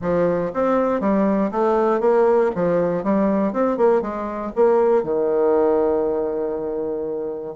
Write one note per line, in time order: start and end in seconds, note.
0.01 0.52 F3
0.53 1.00 C4
1.00 1.50 G3
1.51 2.00 A3
2.00 2.50 A#3
2.55 3.03 F3
3.03 3.52 G3
3.52 3.77 C4
3.77 4.01 A#3
4.01 4.52 G#3
4.55 5.03 A#3
5.03 7.55 D#3